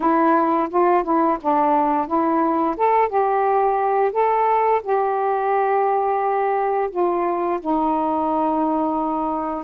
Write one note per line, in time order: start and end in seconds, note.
0.00 0.68 E4
0.69 1.03 F4
1.03 1.38 E4
1.41 2.07 D4
2.07 2.76 E4
2.76 3.08 A4
3.08 4.12 G4
4.12 4.81 A4
4.83 6.90 G4
6.90 7.59 F4
7.60 9.64 D#4